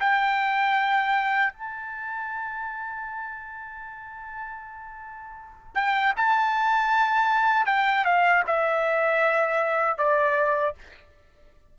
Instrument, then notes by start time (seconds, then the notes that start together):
trumpet
0.00 G5
1.53 A5
5.75 G5
6.16 A5
7.66 G5
8.05 F5
8.47 E5
9.98 D5